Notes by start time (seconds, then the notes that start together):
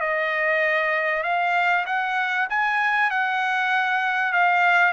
0.00 D#5
1.23 F5
1.86 F#5
2.50 G#5
3.10 F#5
4.33 F5